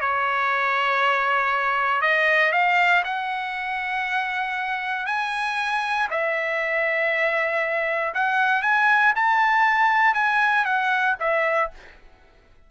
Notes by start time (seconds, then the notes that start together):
0.00 C#5
2.01 D#5
2.52 F5
3.04 F#5
5.06 G#5
6.10 E5
8.14 F#5
8.62 G#5
9.15 A5
10.14 G#5
10.64 F#5
11.19 E5